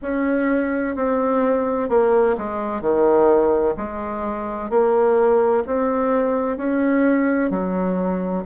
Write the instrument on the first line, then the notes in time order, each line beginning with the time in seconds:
bassoon
0.02 C#4
0.95 C4
1.89 A#3
2.37 G#3
2.81 D#3
3.76 G#3
4.70 A#3
5.66 C4
6.57 C#4
7.50 F#3